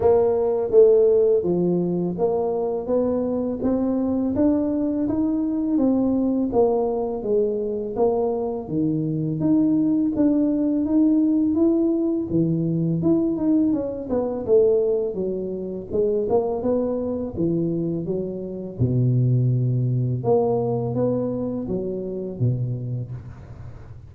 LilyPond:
\new Staff \with { instrumentName = "tuba" } { \time 4/4 \tempo 4 = 83 ais4 a4 f4 ais4 | b4 c'4 d'4 dis'4 | c'4 ais4 gis4 ais4 | dis4 dis'4 d'4 dis'4 |
e'4 e4 e'8 dis'8 cis'8 b8 | a4 fis4 gis8 ais8 b4 | e4 fis4 b,2 | ais4 b4 fis4 b,4 | }